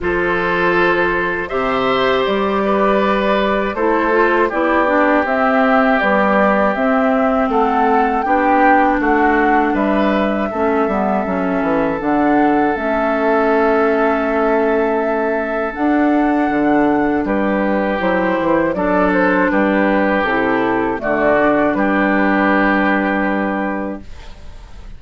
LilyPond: <<
  \new Staff \with { instrumentName = "flute" } { \time 4/4 \tempo 4 = 80 c''2 e''4 d''4~ | d''4 c''4 d''4 e''4 | d''4 e''4 fis''4 g''4 | fis''4 e''2. |
fis''4 e''2.~ | e''4 fis''2 b'4 | c''4 d''8 c''8 b'4 a'4 | d''4 b'2. | }
  \new Staff \with { instrumentName = "oboe" } { \time 4/4 a'2 c''4. b'8~ | b'4 a'4 g'2~ | g'2 a'4 g'4 | fis'4 b'4 a'2~ |
a'1~ | a'2. g'4~ | g'4 a'4 g'2 | fis'4 g'2. | }
  \new Staff \with { instrumentName = "clarinet" } { \time 4/4 f'2 g'2~ | g'4 e'8 f'8 e'8 d'8 c'4 | g4 c'2 d'4~ | d'2 cis'8 b8 cis'4 |
d'4 cis'2.~ | cis'4 d'2. | e'4 d'2 e'4 | a8 d'2.~ d'8 | }
  \new Staff \with { instrumentName = "bassoon" } { \time 4/4 f2 c4 g4~ | g4 a4 b4 c'4 | b4 c'4 a4 b4 | a4 g4 a8 g8 fis8 e8 |
d4 a2.~ | a4 d'4 d4 g4 | fis8 e8 fis4 g4 c4 | d4 g2. | }
>>